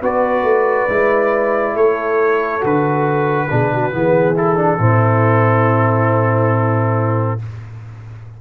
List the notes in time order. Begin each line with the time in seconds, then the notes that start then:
0.00 B3 F#4 B4 D5
0.43 A3
0.88 G#3 E4
1.75 A3 A4 C#5
2.61 D3 F#4 B4
3.50 B2 D4 G#4
3.74 F#4
3.91 E3 B3 G#4
4.36 E4 A4
4.56 D4
4.78 A2 C4 E4